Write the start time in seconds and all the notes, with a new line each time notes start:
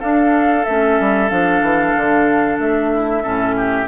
0.00 D4 A4 F5
0.65 A3 C#4 E5
1.00 G3
1.29 F3 D4 F5
1.62 E3
1.96 D3
2.59 A3 E5
2.94 E4
3.23 A2 C#4 A4
3.57 G4